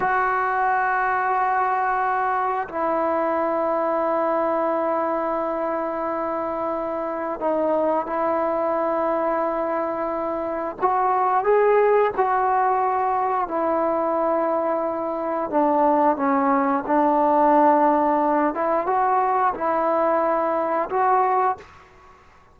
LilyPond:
\new Staff \with { instrumentName = "trombone" } { \time 4/4 \tempo 4 = 89 fis'1 | e'1~ | e'2. dis'4 | e'1 |
fis'4 gis'4 fis'2 | e'2. d'4 | cis'4 d'2~ d'8 e'8 | fis'4 e'2 fis'4 | }